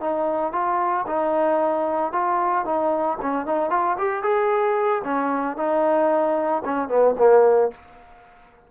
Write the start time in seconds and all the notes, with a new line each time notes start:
0.00 D#4
0.52 F4
1.07 D#4
2.12 F4
2.65 D#4
3.21 C#4
3.46 D#4
3.70 F4
3.98 G4
4.23 G#4
5.04 C#4
5.56 D#4
6.64 C#4
6.88 B3
7.18 A#3